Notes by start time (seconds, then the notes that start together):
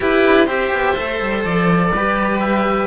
0.00 E4 G4 B4
0.26 D4
0.45 C4 G4 C5 E5
0.72 B3
0.96 A3 A4
1.20 G3
1.44 F3 D5
1.91 G3 G4 B4
2.39 E5